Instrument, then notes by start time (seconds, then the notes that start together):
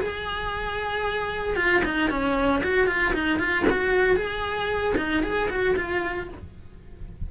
cello
0.00 G#4
1.56 F4
1.85 D#4
2.10 C#4
2.63 F#4
2.87 F4
3.14 D#4
3.39 F4
3.70 F#4
4.16 G#4
4.97 D#4
5.23 G#4
5.49 F#4
5.76 F4